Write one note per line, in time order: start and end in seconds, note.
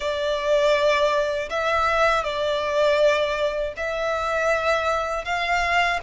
0.00 1.49 D5
1.49 2.23 E5
2.23 3.73 D5
3.76 5.24 E5
5.24 5.99 F5